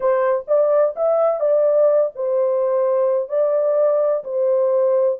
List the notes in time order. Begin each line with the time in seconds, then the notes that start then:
0.00 C5
0.47 D5
0.96 E5
1.40 D5
2.15 C5
3.29 D5
4.24 C5